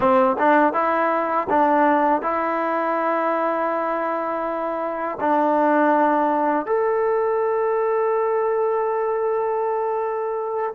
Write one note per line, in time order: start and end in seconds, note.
0.00 0.36 C4
0.39 0.73 D4
0.73 1.47 E4
1.49 2.22 D4
2.22 5.18 E4
5.20 6.66 D4
6.66 10.73 A4